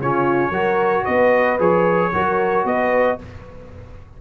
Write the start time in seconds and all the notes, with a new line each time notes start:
0.00 C#3 C#4 F4 C#5
0.51 F#3 F#4 A#4
1.05 B3 B4 D#5
1.60 F3 G#4 C#5
2.13 F#3 F#4 A#4
2.65 B3 B4 D#5